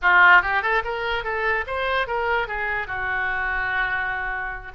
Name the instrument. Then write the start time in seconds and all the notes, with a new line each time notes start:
oboe
0.02 F4
0.41 G4
0.62 A4
0.84 A#4
1.23 A4
1.66 C5
2.07 A#4
2.47 G#4
2.87 F#4